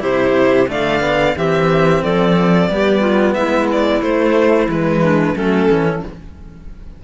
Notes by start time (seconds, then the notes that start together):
0.00 C3 E4 G4 C5
0.68 D3 A3 D5 F5
1.01 B3
1.36 E3 C4 G4 E5
2.03 F3 A4 D5
2.69 G3 B3 G4
3.00 F4
3.34 G#3 E4 E5
3.72 D5
4.01 A3 C5
4.67 E3 G#3 B4
5.03 D4
5.35 F#3 A3 C#4 A4
5.69 E3 C#4